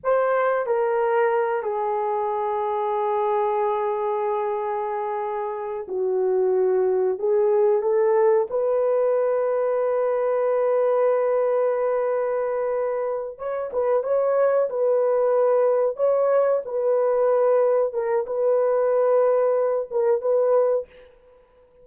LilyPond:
\new Staff \with { instrumentName = "horn" } { \time 4/4 \tempo 4 = 92 c''4 ais'4. gis'4.~ | gis'1~ | gis'4 fis'2 gis'4 | a'4 b'2.~ |
b'1~ | b'8 cis''8 b'8 cis''4 b'4.~ | b'8 cis''4 b'2 ais'8 | b'2~ b'8 ais'8 b'4 | }